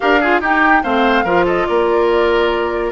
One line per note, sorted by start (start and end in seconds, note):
0.00 0.40 D4
0.00 0.20 G4
0.00 0.20 A#4
0.00 0.41 F5
0.20 0.43 F4
0.20 0.40 G#4
0.40 0.82 D#4
0.40 0.83 D#4
0.40 0.82 G4
0.40 0.83 G5
0.83 1.24 A3
0.83 1.25 C4
0.83 1.24 C5
0.83 1.46 F5
1.24 1.66 F3
1.24 2.92 F4
1.24 1.45 A#4
1.45 1.66 A4
1.45 1.66 D#5
1.66 2.92 A#3
1.66 2.92 A#4
1.66 2.92 D5